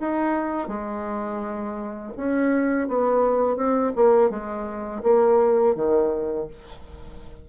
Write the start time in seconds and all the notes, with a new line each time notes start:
0.00 D#4
0.68 G#3
2.17 C#4
2.88 B3
3.57 C4
3.96 A#3
4.30 G#3
5.03 A#3
5.75 D#3